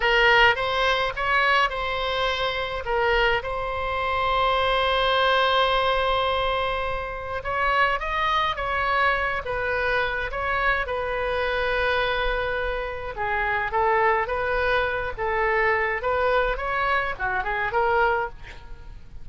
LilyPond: \new Staff \with { instrumentName = "oboe" } { \time 4/4 \tempo 4 = 105 ais'4 c''4 cis''4 c''4~ | c''4 ais'4 c''2~ | c''1~ | c''4 cis''4 dis''4 cis''4~ |
cis''8 b'4. cis''4 b'4~ | b'2. gis'4 | a'4 b'4. a'4. | b'4 cis''4 fis'8 gis'8 ais'4 | }